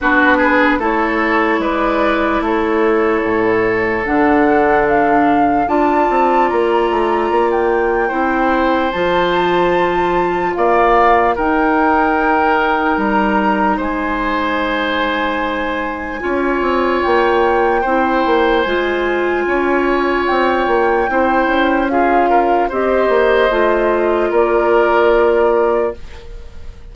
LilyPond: <<
  \new Staff \with { instrumentName = "flute" } { \time 4/4 \tempo 4 = 74 b'4 cis''4 d''4 cis''4~ | cis''4 fis''4 f''4 a''4 | ais''4~ ais''16 g''4.~ g''16 a''4~ | a''4 f''4 g''2 |
ais''4 gis''2.~ | gis''4 g''2 gis''4~ | gis''4 g''2 f''4 | dis''2 d''2 | }
  \new Staff \with { instrumentName = "oboe" } { \time 4/4 fis'8 gis'8 a'4 b'4 a'4~ | a'2. d''4~ | d''2 c''2~ | c''4 d''4 ais'2~ |
ais'4 c''2. | cis''2 c''2 | cis''2 c''4 gis'8 ais'8 | c''2 ais'2 | }
  \new Staff \with { instrumentName = "clarinet" } { \time 4/4 d'4 e'2.~ | e'4 d'2 f'4~ | f'2 e'4 f'4~ | f'2 dis'2~ |
dis'1 | f'2 e'4 f'4~ | f'2 e'4 f'4 | g'4 f'2. | }
  \new Staff \with { instrumentName = "bassoon" } { \time 4/4 b4 a4 gis4 a4 | a,4 d2 d'8 c'8 | ais8 a8 ais4 c'4 f4~ | f4 ais4 dis'2 |
g4 gis2. | cis'8 c'8 ais4 c'8 ais8 gis4 | cis'4 c'8 ais8 c'8 cis'4. | c'8 ais8 a4 ais2 | }
>>